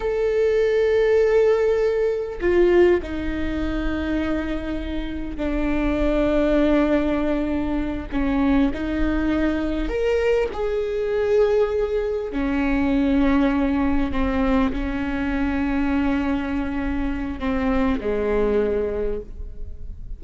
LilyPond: \new Staff \with { instrumentName = "viola" } { \time 4/4 \tempo 4 = 100 a'1 | f'4 dis'2.~ | dis'4 d'2.~ | d'4. cis'4 dis'4.~ |
dis'8 ais'4 gis'2~ gis'8~ | gis'8 cis'2. c'8~ | c'8 cis'2.~ cis'8~ | cis'4 c'4 gis2 | }